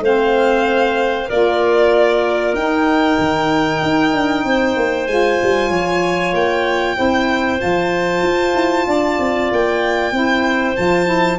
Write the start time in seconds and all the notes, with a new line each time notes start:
0.00 A3 C4 C5 F5
1.28 A#3 F4 A#4 D5
2.54 D#4 G5
3.18 D#3
3.82 D#4
4.13 D4
4.44 C4 C5
4.77 A#3
5.07 G#3 F4 G#5
5.43 G3
5.70 F3 C#5
6.33 A#3 G5
6.96 C4 E4 C5
7.58 F3 F4 A5
8.22 F4
8.54 E4
8.87 D4 D5
9.19 C4
9.52 A#3 G5
10.12 C4 E4 C5
10.76 F3 F4 A5
11.05 E4